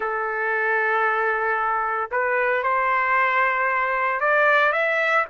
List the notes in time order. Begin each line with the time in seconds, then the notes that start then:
0.00 A4
2.11 B4
2.63 C5
4.20 D5
4.72 E5